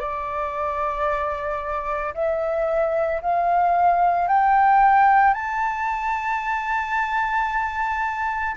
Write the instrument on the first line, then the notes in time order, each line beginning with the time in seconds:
flute
0.00 D5
2.15 E5
3.22 F5
4.28 G5
5.34 A5